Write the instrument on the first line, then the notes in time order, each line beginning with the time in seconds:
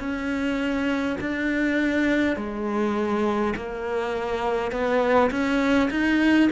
cello
0.00 C#4
1.21 D4
2.37 G#3
3.56 A#3
4.72 B3
5.32 C#4
5.91 D#4